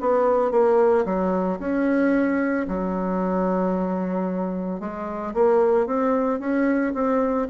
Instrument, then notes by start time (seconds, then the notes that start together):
bassoon
0.00 B3
0.51 A#3
1.05 F#3
1.59 C#4
2.68 F#3
4.80 G#3
5.34 A#3
5.86 C4
6.39 C#4
6.94 C4